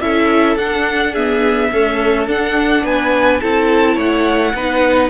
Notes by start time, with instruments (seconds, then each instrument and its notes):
0.00 cello C#4, viola E4, violin A4 E5
0.56 cello D4, viola D4, violin F#5
1.12 viola B3, violin G#4 E5
1.72 viola A3, cello C#4, violin A4
2.27 cello D4, viola D4, violin F#5
2.83 cello B3, violin B4 G#5
3.41 cello C4, viola E4, violin A4 A5
3.94 cello A3, violin C#5 F#5
4.54 cello B3, viola D#4, violin B4